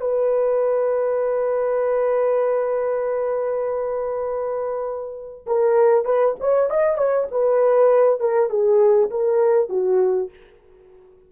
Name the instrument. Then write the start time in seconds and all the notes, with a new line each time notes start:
horn
0.00 B4
5.46 A#4
6.05 B4
6.40 C#5
6.70 D#5
6.97 C#5
7.31 B4
8.20 A#4
8.49 G#4
9.10 A#4
9.69 F#4